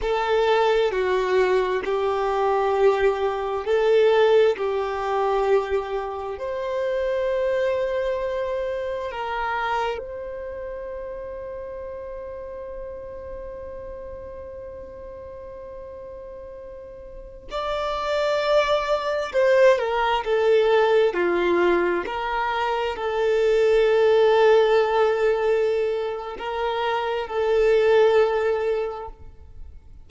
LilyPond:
\new Staff \with { instrumentName = "violin" } { \time 4/4 \tempo 4 = 66 a'4 fis'4 g'2 | a'4 g'2 c''4~ | c''2 ais'4 c''4~ | c''1~ |
c''2.~ c''16 d''8.~ | d''4~ d''16 c''8 ais'8 a'4 f'8.~ | f'16 ais'4 a'2~ a'8.~ | a'4 ais'4 a'2 | }